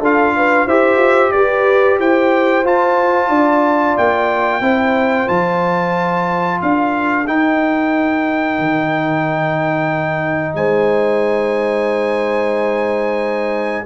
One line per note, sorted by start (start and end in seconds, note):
0.00 0.66 D4
0.00 0.69 F4
0.00 0.33 A4
0.00 0.68 F5
0.36 0.66 B4
0.66 0.97 E4
0.66 2.64 G4
0.66 1.32 C5
0.66 1.32 E5
0.97 1.30 F4
1.32 1.99 G4
1.32 2.00 B4
1.32 1.98 D5
1.99 2.64 E4
1.99 3.29 C5
1.99 2.66 G5
2.64 3.29 F4
2.64 4.62 F4
2.64 3.98 A5
3.29 3.95 D4
3.29 4.61 D5
3.98 4.61 A#3
3.98 5.28 G5
4.61 5.27 C4
4.61 5.27 E4
4.61 6.61 C5
5.27 6.61 F3
5.27 7.25 F4
5.27 6.60 A5
6.61 7.27 D4
6.61 10.56 A#4
6.61 7.27 F5
7.27 13.86 D#4
7.27 8.59 D#4
7.27 10.55 G5
8.59 10.55 D#3
10.55 13.84 G#3
10.55 13.85 C5
10.55 13.85 G#5